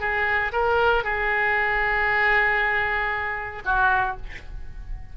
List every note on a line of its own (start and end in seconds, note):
0.00 0.52 G#4
0.52 1.04 A#4
1.04 3.63 G#4
3.65 4.17 F#4